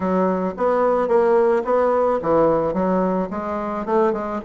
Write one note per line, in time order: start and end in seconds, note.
0.00 0.54 F#3
0.57 1.07 B3
1.07 1.62 A#3
1.64 2.19 B3
2.22 2.73 E3
2.73 3.28 F#3
3.30 3.85 G#3
3.85 4.13 A3
4.13 4.40 G#3